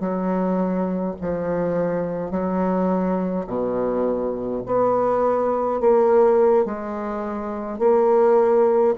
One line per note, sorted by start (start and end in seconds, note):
0.00 1.15 F#3
1.21 2.31 F3
2.31 3.46 F#3
3.47 4.62 B2
4.66 5.81 B3
5.81 6.65 A#3
6.65 7.79 G#3
7.79 8.94 A#3